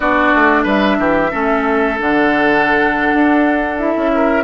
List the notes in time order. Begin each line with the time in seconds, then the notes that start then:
0.00 B3 D4 F#4 D5
0.34 A3
0.63 G3 B4 E5
0.98 E3 G4
1.30 A3 C#4 A4
1.98 D3 D4 F#5
3.13 D4
3.78 E4 E5
3.96 C#4
4.14 A#4